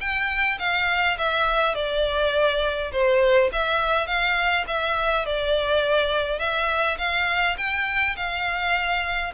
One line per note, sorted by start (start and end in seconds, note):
0.00 0.58 G5
0.59 1.17 F5
1.18 1.74 E5
1.74 2.91 D5
2.92 3.50 C5
3.52 4.06 E5
4.06 4.65 F5
4.67 5.25 E5
5.25 6.39 D5
6.39 6.97 E5
6.98 7.56 F5
7.57 8.16 G5
8.16 9.33 F5